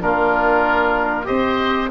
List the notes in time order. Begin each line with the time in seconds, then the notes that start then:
0.00 A#3 D4 F4 A#4
1.24 C4 G4 C5 D#5